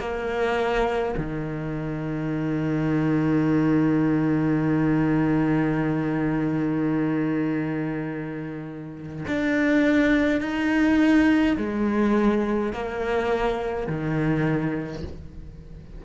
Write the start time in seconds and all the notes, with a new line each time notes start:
0.00 A#3
1.18 D#3
9.28 D4
10.42 D#4
11.58 G#3
12.73 A#3
13.88 D#3